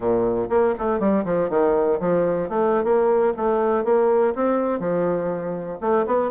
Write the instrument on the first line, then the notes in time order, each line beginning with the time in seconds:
bassoon
0.00 A#2
0.49 A#3
0.78 A3
0.99 G3
1.24 F3
1.49 D#3
2.00 F3
2.49 A3
2.84 A#3
3.37 A3
3.84 A#3
4.35 C4
4.79 F3
5.81 A3
6.06 B3